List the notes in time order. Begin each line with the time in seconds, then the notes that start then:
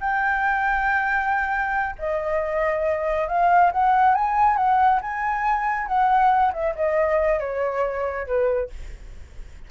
0.00 G5
1.99 D#5
3.27 F5
3.72 F#5
4.15 G#5
4.57 F#5
5.01 G#5
5.87 F#5
6.53 E5
6.75 D#5
7.40 C#5
8.26 B4